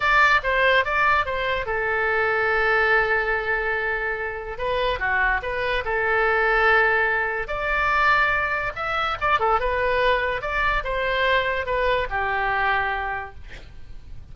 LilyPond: \new Staff \with { instrumentName = "oboe" } { \time 4/4 \tempo 4 = 144 d''4 c''4 d''4 c''4 | a'1~ | a'2. b'4 | fis'4 b'4 a'2~ |
a'2 d''2~ | d''4 e''4 d''8 a'8 b'4~ | b'4 d''4 c''2 | b'4 g'2. | }